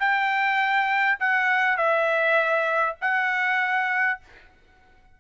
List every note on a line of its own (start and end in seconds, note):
0.00 1.19 G5
1.20 1.78 F#5
1.78 2.96 E5
3.01 4.20 F#5